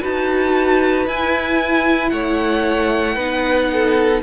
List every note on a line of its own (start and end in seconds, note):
0.00 1.06 D#4
0.00 1.07 F#4
0.00 2.11 B4
0.00 1.08 A5
1.06 2.11 E4
1.06 3.18 E4
1.06 2.09 G#5
2.09 3.16 A3
2.09 3.15 C#5
2.09 4.20 F#5
3.15 4.21 B3
3.15 4.23 D#4
3.15 3.67 B4
3.72 4.23 A4